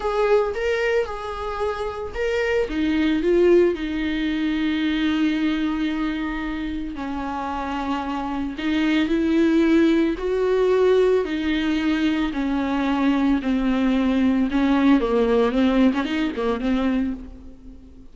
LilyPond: \new Staff \with { instrumentName = "viola" } { \time 4/4 \tempo 4 = 112 gis'4 ais'4 gis'2 | ais'4 dis'4 f'4 dis'4~ | dis'1~ | dis'4 cis'2. |
dis'4 e'2 fis'4~ | fis'4 dis'2 cis'4~ | cis'4 c'2 cis'4 | ais4 c'8. cis'16 dis'8 ais8 c'4 | }